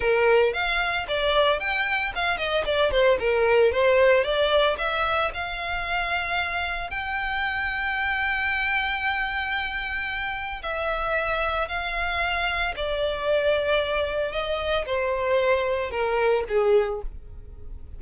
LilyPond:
\new Staff \with { instrumentName = "violin" } { \time 4/4 \tempo 4 = 113 ais'4 f''4 d''4 g''4 | f''8 dis''8 d''8 c''8 ais'4 c''4 | d''4 e''4 f''2~ | f''4 g''2.~ |
g''1 | e''2 f''2 | d''2. dis''4 | c''2 ais'4 gis'4 | }